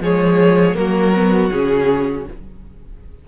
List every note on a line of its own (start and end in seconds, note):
0.00 0.75 F3
0.00 0.75 G#3
0.00 0.77 G#4
0.00 0.75 C#5
0.75 1.50 F#3
0.75 1.12 A#3
0.75 2.28 F#4
0.75 1.50 A#4
1.15 1.51 B3
1.50 2.27 C#3
1.50 2.26 C#4
1.50 2.25 G#4